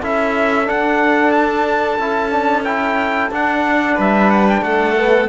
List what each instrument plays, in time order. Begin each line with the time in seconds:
0.00 cello C#4, trombone E4, violin A4, trumpet E5
0.65 trombone D4, cello D4, trumpet F#5
1.31 trumpet A5
1.98 cello C#4, trombone E4
2.31 trombone D4
2.64 trombone E4, trumpet G5
3.31 cello D4, trombone D4, trumpet F#5
3.95 cello G3, violin B4, trumpet E5
4.30 trumpet F#5
4.49 trumpet G5
4.62 cello A3, violin A4, trumpet F#5
4.97 trombone B3